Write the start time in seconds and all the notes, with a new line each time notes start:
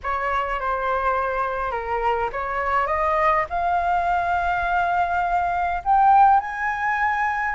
0.03 C#5
0.60 C5
1.71 A#4
2.32 C#5
2.86 D#5
3.49 F5
5.84 G5
6.40 G#5